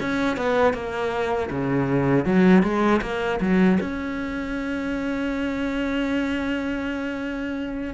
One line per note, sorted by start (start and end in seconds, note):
0.00 0.37 C#4
0.37 0.74 B3
0.74 1.49 A#3
1.50 2.25 C#3
2.25 2.63 F#3
2.63 3.01 G#3
3.01 3.39 A#3
3.41 3.79 F#3
3.80 7.94 C#4